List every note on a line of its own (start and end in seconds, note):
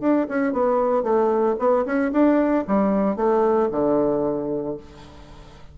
0.00 0.26 D4
0.28 0.52 C#4
0.52 1.03 B3
1.03 1.55 A3
1.59 1.85 B3
1.85 2.11 C#4
2.12 2.64 D4
2.67 3.16 G3
3.16 3.69 A3
3.71 4.77 D3